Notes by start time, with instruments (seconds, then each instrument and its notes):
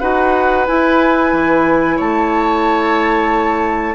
0.00 bassoon D#4, clarinet F#4, oboe B4, flute F#5
0.66 clarinet E4, bassoon E4, flute G#5
1.33 bassoon E3
1.97 bassoon A3, oboe C#5, flute A5